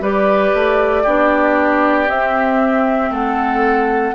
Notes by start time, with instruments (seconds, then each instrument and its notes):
0.00 bassoon G3, clarinet G4, oboe B4, flute D5
0.53 bassoon A3
1.03 bassoon B3, clarinet D4, oboe G4
2.07 clarinet C4, bassoon C4, flute E5
3.10 bassoon A3, oboe A4, flute F#5